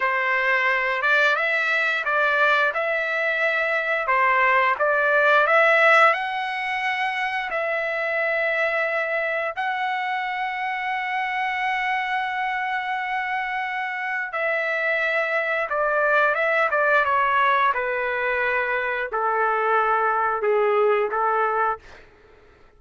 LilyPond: \new Staff \with { instrumentName = "trumpet" } { \time 4/4 \tempo 4 = 88 c''4. d''8 e''4 d''4 | e''2 c''4 d''4 | e''4 fis''2 e''4~ | e''2 fis''2~ |
fis''1~ | fis''4 e''2 d''4 | e''8 d''8 cis''4 b'2 | a'2 gis'4 a'4 | }